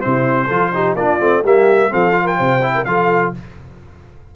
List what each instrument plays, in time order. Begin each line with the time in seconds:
0.00 tuba C3, trombone C4, horn E4, trumpet C5
0.46 tuba F3, trombone F4, horn A4
0.74 trombone D#4, horn G4
0.94 tuba A#3, trombone D4, horn F4, trumpet D5
1.19 tuba A3, trombone C4
1.42 tuba G3, trombone A#3, horn G4, trumpet E5
1.89 tuba F3, trombone C4, horn A4, trumpet F5
2.12 trombone F4
2.23 horn A#4, trumpet G5
2.37 tuba C3, horn C5
2.62 trombone E4
2.75 horn A#4
2.84 tuba F3, trombone F4, horn A4, trumpet F5